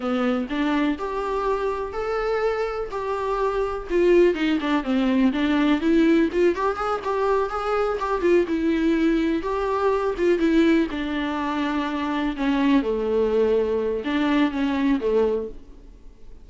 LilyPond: \new Staff \with { instrumentName = "viola" } { \time 4/4 \tempo 4 = 124 b4 d'4 g'2 | a'2 g'2 | f'4 dis'8 d'8 c'4 d'4 | e'4 f'8 g'8 gis'8 g'4 gis'8~ |
gis'8 g'8 f'8 e'2 g'8~ | g'4 f'8 e'4 d'4.~ | d'4. cis'4 a4.~ | a4 d'4 cis'4 a4 | }